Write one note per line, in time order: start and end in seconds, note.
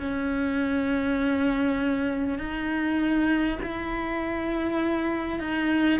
0.00 2.38 C#4
2.38 3.58 D#4
3.63 5.40 E4
5.40 6.00 D#4